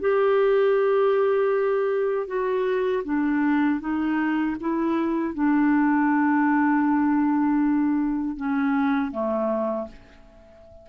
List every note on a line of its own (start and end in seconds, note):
0.00 2.26 G4
2.26 3.02 F#4
3.04 3.80 D4
3.80 4.56 D#4
4.60 5.34 E4
5.34 8.36 D4
8.36 9.11 C#4
9.11 9.87 A3